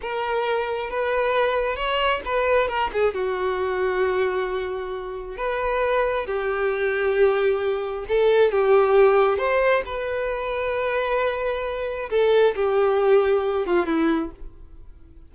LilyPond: \new Staff \with { instrumentName = "violin" } { \time 4/4 \tempo 4 = 134 ais'2 b'2 | cis''4 b'4 ais'8 gis'8 fis'4~ | fis'1 | b'2 g'2~ |
g'2 a'4 g'4~ | g'4 c''4 b'2~ | b'2. a'4 | g'2~ g'8 f'8 e'4 | }